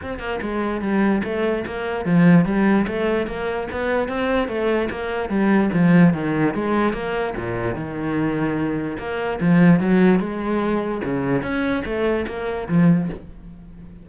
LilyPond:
\new Staff \with { instrumentName = "cello" } { \time 4/4 \tempo 4 = 147 c'8 ais8 gis4 g4 a4 | ais4 f4 g4 a4 | ais4 b4 c'4 a4 | ais4 g4 f4 dis4 |
gis4 ais4 ais,4 dis4~ | dis2 ais4 f4 | fis4 gis2 cis4 | cis'4 a4 ais4 f4 | }